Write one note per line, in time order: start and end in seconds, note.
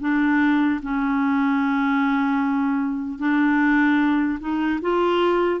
0.00 0.80 D4
0.82 3.19 C#4
3.19 4.39 D4
4.40 4.80 D#4
4.81 5.60 F4